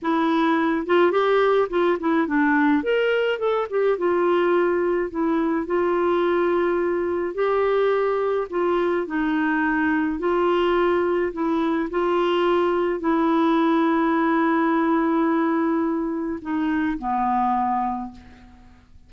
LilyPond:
\new Staff \with { instrumentName = "clarinet" } { \time 4/4 \tempo 4 = 106 e'4. f'8 g'4 f'8 e'8 | d'4 ais'4 a'8 g'8 f'4~ | f'4 e'4 f'2~ | f'4 g'2 f'4 |
dis'2 f'2 | e'4 f'2 e'4~ | e'1~ | e'4 dis'4 b2 | }